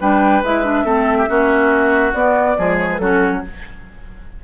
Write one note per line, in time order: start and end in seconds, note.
0.00 0.42 G3
0.00 0.43 D4
0.00 0.85 B4
0.00 0.44 G5
0.42 0.83 G#3
0.42 0.63 E4
0.42 2.13 E5
0.63 0.85 D4
0.83 1.26 A3
0.83 1.27 C4
0.83 1.17 A4
1.18 1.28 G4
1.27 2.13 A#3
1.27 2.13 C#4
1.27 2.57 F#4
2.13 2.56 B3
2.13 2.57 B3
2.13 2.77 D5
2.57 2.99 F3
2.57 3.00 G#3
2.57 3.01 G#4
2.78 2.89 C#5
2.91 2.98 B4
2.98 3.42 F#3
2.98 3.43 C#4
2.98 3.44 F#4
2.98 3.41 A4